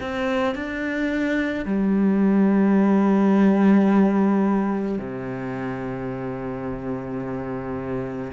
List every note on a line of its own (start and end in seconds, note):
0.00 0.54 C4
0.54 1.65 D4
1.65 4.98 G3
4.98 8.31 C3